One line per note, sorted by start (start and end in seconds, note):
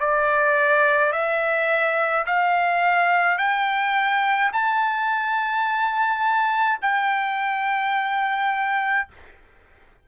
0.00 1.13 D5
1.13 2.26 E5
2.26 3.38 F5
3.38 4.51 G5
4.53 6.79 A5
6.82 9.08 G5